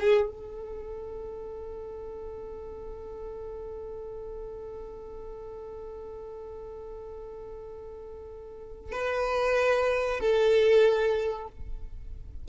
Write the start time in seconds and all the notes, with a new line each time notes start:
0.00 G#4
0.30 A4
8.92 B4
10.20 A4